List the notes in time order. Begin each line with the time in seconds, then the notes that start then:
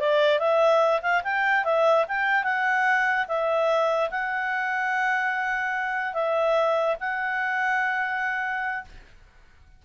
0.00 D5
0.39 E5
1.02 F5
1.24 G5
1.64 E5
2.08 G5
2.44 F#5
3.28 E5
4.10 F#5
6.14 E5
7.00 F#5